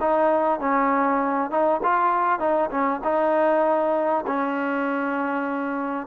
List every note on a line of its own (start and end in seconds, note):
0.00 0.60 D#4
0.60 1.50 C#4
1.50 1.80 D#4
1.83 2.39 F4
2.39 2.69 D#4
2.70 3.01 C#4
3.04 4.25 D#4
4.26 6.07 C#4